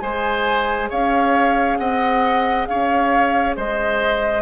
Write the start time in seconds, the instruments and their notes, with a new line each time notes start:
0.00 bassoon G#3, clarinet G#4, oboe C5, flute G#5
0.90 bassoon C#4, oboe C#5, flute F5
1.78 bassoon C4, oboe D#5, flute F#5
2.67 bassoon C#4, oboe C#5, flute F5
3.56 bassoon G#3, oboe C5, flute D#5